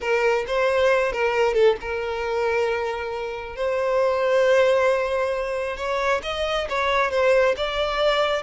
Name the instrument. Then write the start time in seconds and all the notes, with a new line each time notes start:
violin
0.00 A#4
0.47 C5
1.12 A#4
1.54 A4
1.80 A#4
3.56 C5
5.76 C#5
6.23 D#5
6.69 C#5
7.10 C5
7.57 D5